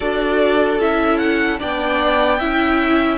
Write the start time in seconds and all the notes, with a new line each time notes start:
0.00 D4 F#4 A4 D5
0.79 C#4 E4 E5
1.18 F#5
1.59 B3 D4 D5 G5
2.39 C#4 E4 E5